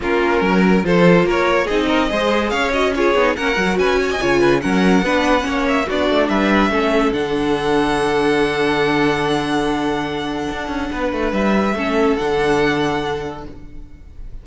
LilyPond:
<<
  \new Staff \with { instrumentName = "violin" } { \time 4/4 \tempo 4 = 143 ais'2 c''4 cis''4 | dis''2 f''8 dis''8 cis''4 | fis''4 gis''2 fis''4~ | fis''4. e''8 d''4 e''4~ |
e''4 fis''2.~ | fis''1~ | fis''2. e''4~ | e''4 fis''2. | }
  \new Staff \with { instrumentName = "violin" } { \time 4/4 f'4 ais'4 a'4 ais'4 | gis'8 ais'8 c''4 cis''4 gis'4 | ais'4 b'8 cis''16 dis''16 cis''8 b'8 ais'4 | b'4 cis''4 fis'4 b'4 |
a'1~ | a'1~ | a'2 b'2 | a'1 | }
  \new Staff \with { instrumentName = "viola" } { \time 4/4 cis'2 f'2 | dis'4 gis'4. fis'8 f'8 dis'8 | cis'8 fis'4. f'4 cis'4 | d'4 cis'4 d'2 |
cis'4 d'2.~ | d'1~ | d'1 | cis'4 d'2. | }
  \new Staff \with { instrumentName = "cello" } { \time 4/4 ais4 fis4 f4 ais4 | c'4 gis4 cis'4. b8 | ais8 fis8 cis'4 cis4 fis4 | b4 ais4 b8 a8 g4 |
a4 d2.~ | d1~ | d4 d'8 cis'8 b8 a8 g4 | a4 d2. | }
>>